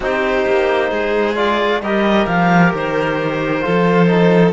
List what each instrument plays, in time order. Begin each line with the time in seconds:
0.00 cello C4, trombone D#4, violin G4, clarinet C5
0.46 cello A#3
0.90 cello G#3, violin G#4
1.35 trombone F4, clarinet D5
1.80 cello G3, trombone G4, violin A#4, clarinet D#5
2.26 cello F3, clarinet F5
2.73 cello D#3, clarinet C5
3.61 cello F3, trombone F4, violin A4
4.06 trombone D#4